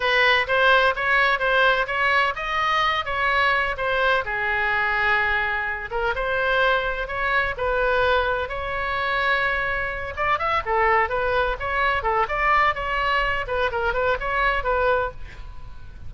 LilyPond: \new Staff \with { instrumentName = "oboe" } { \time 4/4 \tempo 4 = 127 b'4 c''4 cis''4 c''4 | cis''4 dis''4. cis''4. | c''4 gis'2.~ | gis'8 ais'8 c''2 cis''4 |
b'2 cis''2~ | cis''4. d''8 e''8 a'4 b'8~ | b'8 cis''4 a'8 d''4 cis''4~ | cis''8 b'8 ais'8 b'8 cis''4 b'4 | }